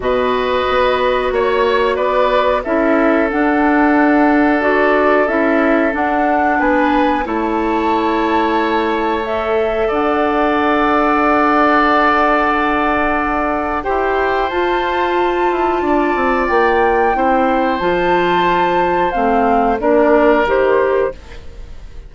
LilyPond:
<<
  \new Staff \with { instrumentName = "flute" } { \time 4/4 \tempo 4 = 91 dis''2 cis''4 d''4 | e''4 fis''2 d''4 | e''4 fis''4 gis''4 a''4~ | a''2 e''4 fis''4~ |
fis''1~ | fis''4 g''4 a''2~ | a''4 g''2 a''4~ | a''4 f''4 d''4 c''4 | }
  \new Staff \with { instrumentName = "oboe" } { \time 4/4 b'2 cis''4 b'4 | a'1~ | a'2 b'4 cis''4~ | cis''2. d''4~ |
d''1~ | d''4 c''2. | d''2 c''2~ | c''2 ais'2 | }
  \new Staff \with { instrumentName = "clarinet" } { \time 4/4 fis'1 | e'4 d'2 fis'4 | e'4 d'2 e'4~ | e'2 a'2~ |
a'1~ | a'4 g'4 f'2~ | f'2 e'4 f'4~ | f'4 c'4 d'4 g'4 | }
  \new Staff \with { instrumentName = "bassoon" } { \time 4/4 b,4 b4 ais4 b4 | cis'4 d'2. | cis'4 d'4 b4 a4~ | a2. d'4~ |
d'1~ | d'4 e'4 f'4. e'8 | d'8 c'8 ais4 c'4 f4~ | f4 a4 ais4 dis4 | }
>>